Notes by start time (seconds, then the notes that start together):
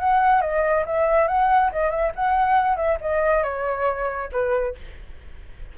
0.00 F#5
0.42 D#5
0.86 E5
1.28 F#5
1.72 D#5
1.91 E5
2.15 F#5
2.77 E5
3.01 D#5
3.44 C#5
4.32 B4